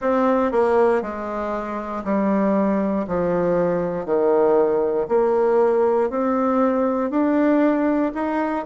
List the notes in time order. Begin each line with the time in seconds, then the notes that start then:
0.01 C4
0.51 A#3
1.02 G#3
2.04 G3
3.07 F3
4.05 D#3
5.08 A#3
6.10 C4
7.10 D4
8.14 D#4